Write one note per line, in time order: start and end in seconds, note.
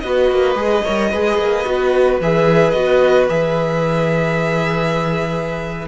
0.00 0.31 B3
0.00 0.56 F#4
0.00 0.85 B4
0.00 2.18 D#5
0.31 0.55 A#3
0.55 0.83 G#3
0.55 0.84 G#4
0.85 1.14 G3
0.85 1.13 A#4
0.85 1.11 C#5
1.11 1.38 G#3
1.11 1.66 G#4
1.11 5.88 B4
1.38 1.65 A#3
1.66 2.21 B3
1.66 2.20 F#4
2.21 2.74 E3
2.21 2.76 G#4
2.21 2.71 E5
2.71 3.29 B3
2.71 3.30 F#4
2.71 3.26 D#5
3.30 5.88 E3
3.30 5.88 G#4
3.30 5.88 E5